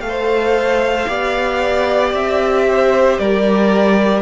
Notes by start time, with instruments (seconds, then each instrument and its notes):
0.00 cello A3, viola A4, violin F5
0.08 violin C5
1.07 cello B3, viola G4, violin D5
2.13 cello C4, violin E5
2.69 violin C5
3.19 cello G3, violin A#4 D5